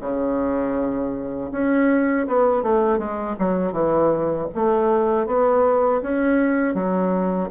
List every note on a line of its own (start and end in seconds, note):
0.00 1.50 C#3
1.51 2.26 C#4
2.27 2.62 B3
2.62 2.98 A3
2.98 3.35 G#3
3.39 3.72 F#3
3.72 4.47 E3
4.55 5.26 A3
5.26 6.01 B3
6.02 6.74 C#4
6.74 7.49 F#3